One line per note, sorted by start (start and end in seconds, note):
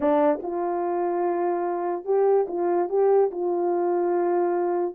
0.00 0.40 D4
0.42 2.04 F4
2.04 2.46 G4
2.48 2.89 F4
2.89 3.30 G4
3.31 4.95 F4